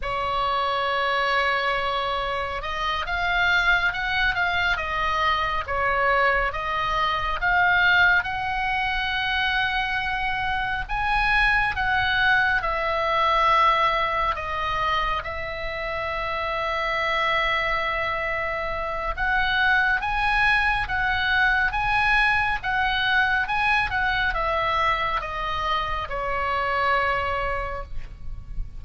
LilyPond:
\new Staff \with { instrumentName = "oboe" } { \time 4/4 \tempo 4 = 69 cis''2. dis''8 f''8~ | f''8 fis''8 f''8 dis''4 cis''4 dis''8~ | dis''8 f''4 fis''2~ fis''8~ | fis''8 gis''4 fis''4 e''4.~ |
e''8 dis''4 e''2~ e''8~ | e''2 fis''4 gis''4 | fis''4 gis''4 fis''4 gis''8 fis''8 | e''4 dis''4 cis''2 | }